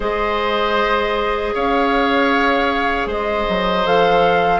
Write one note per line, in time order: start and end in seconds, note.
0.00 1.54 G#3
0.00 3.84 G#4
0.00 1.54 C5
0.00 1.55 D#5
1.54 3.06 C#4
1.54 3.07 C#5
1.54 3.08 F5
3.06 3.44 G#3
3.06 4.59 C5
3.06 3.86 D#5
3.48 3.86 F#3
3.85 4.59 F3
3.85 4.59 A4
3.85 4.59 F5